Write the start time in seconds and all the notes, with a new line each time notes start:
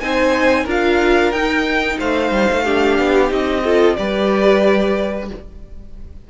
0.00 C4 D#4 C5 G#5
0.64 D4 F4 A#4
0.71 F5
1.32 D#4 G5
1.99 A3 C5 F5
2.31 G3
2.52 A3
2.64 D4 G4
2.99 B3
3.29 C4 D#4 D#5
3.64 F4 A4
3.96 G3 G4 B4 D5